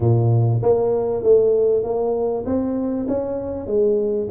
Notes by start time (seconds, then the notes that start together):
0.00 A#2
0.62 A#3
1.23 A3
1.83 A#3
2.45 C4
3.08 C#4
3.66 G#3